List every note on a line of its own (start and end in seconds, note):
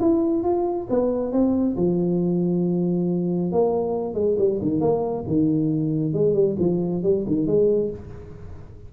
0.00 0.43 E4
0.43 0.87 F4
0.89 1.32 B3
1.32 1.76 C4
1.76 3.51 F3
3.51 4.14 A#3
4.14 4.36 G#3
4.38 4.60 G3
4.62 4.80 D#3
4.80 5.24 A#3
5.27 6.13 D#3
6.13 6.33 G#3
6.33 6.55 G3
6.59 7.03 F3
7.03 7.25 G3
7.27 7.46 D#3
7.46 7.90 G#3